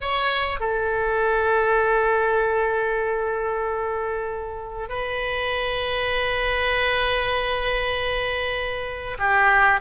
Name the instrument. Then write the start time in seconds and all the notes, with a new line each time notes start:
oboe
0.01 C#5
0.60 A4
4.88 B4
9.18 G4